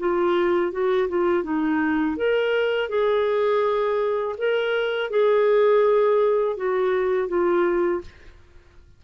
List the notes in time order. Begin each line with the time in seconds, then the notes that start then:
0.00 F4
0.72 F#4
1.09 F4
1.44 D#4
2.17 A#4
2.89 G#4
4.38 A#4
5.11 G#4
6.57 F#4
7.28 F4